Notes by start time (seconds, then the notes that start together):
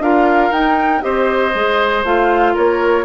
0.00 D4 F4 A#4 F5
0.51 D#4 G5
1.01 C4 G4 C5 D#5
1.55 G#3 G#4
2.04 A3 F4 F5
2.54 A#3 A#4 C#5